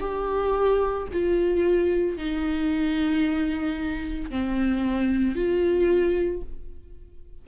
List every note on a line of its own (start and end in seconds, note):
0.00 1.07 G4
1.12 2.17 F4
2.17 4.30 D#4
4.30 5.35 C4
5.35 6.42 F4